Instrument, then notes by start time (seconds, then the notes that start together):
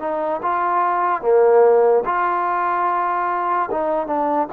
trombone
0.00 D#4
0.43 F4
1.22 A#3
2.05 F4
3.71 D#4
4.07 D4